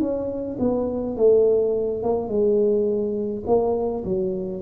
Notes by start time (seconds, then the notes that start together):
0.00 C#4
0.60 B3
1.17 A3
2.03 A#3
2.29 G#3
3.47 A#3
4.05 F#3